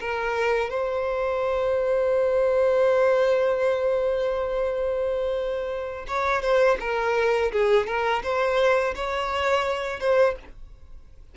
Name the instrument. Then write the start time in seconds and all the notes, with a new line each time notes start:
violin
0.00 A#4
0.70 C5
6.08 C#5
6.42 C5
6.80 A#4
7.52 G#4
7.87 A#4
8.23 C5
8.95 C#5
10.00 C5